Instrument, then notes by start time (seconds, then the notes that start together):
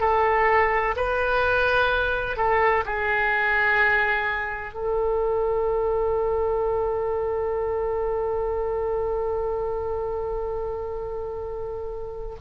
oboe
0.00 A4
0.97 B4
2.37 A4
2.86 G#4
4.74 A4